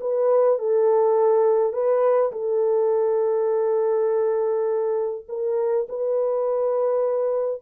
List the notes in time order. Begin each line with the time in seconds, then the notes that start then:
0.00 B4
0.58 A4
1.72 B4
2.32 A4
5.28 A#4
5.88 B4